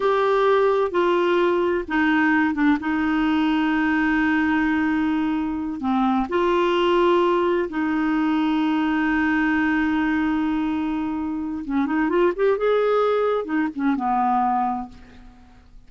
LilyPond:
\new Staff \with { instrumentName = "clarinet" } { \time 4/4 \tempo 4 = 129 g'2 f'2 | dis'4. d'8 dis'2~ | dis'1~ | dis'8 c'4 f'2~ f'8~ |
f'8 dis'2.~ dis'8~ | dis'1~ | dis'4 cis'8 dis'8 f'8 g'8 gis'4~ | gis'4 dis'8 cis'8 b2 | }